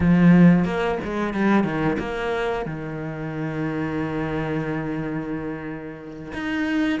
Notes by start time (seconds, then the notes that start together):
0.00 F3
0.65 A#3
1.04 G#3
1.33 G3
1.64 D#3
1.98 A#3
2.65 D#3
6.33 D#4